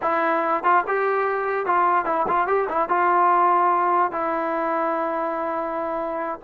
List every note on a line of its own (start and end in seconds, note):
0.02 0.63 E4
0.63 0.84 F4
0.87 1.66 G4
1.66 2.05 F4
2.05 2.26 E4
2.27 2.47 F4
2.47 2.67 G4
2.69 2.89 E4
2.89 4.11 F4
4.11 6.39 E4